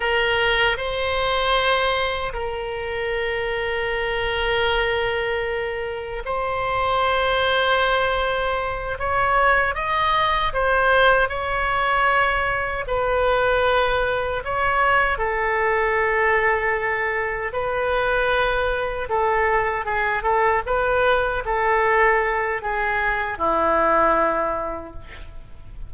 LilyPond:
\new Staff \with { instrumentName = "oboe" } { \time 4/4 \tempo 4 = 77 ais'4 c''2 ais'4~ | ais'1 | c''2.~ c''8 cis''8~ | cis''8 dis''4 c''4 cis''4.~ |
cis''8 b'2 cis''4 a'8~ | a'2~ a'8 b'4.~ | b'8 a'4 gis'8 a'8 b'4 a'8~ | a'4 gis'4 e'2 | }